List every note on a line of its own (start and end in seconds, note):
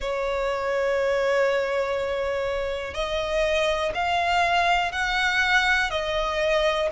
0.00 2.94 C#5
2.94 3.92 D#5
3.94 4.92 F5
4.92 5.90 F#5
5.90 6.89 D#5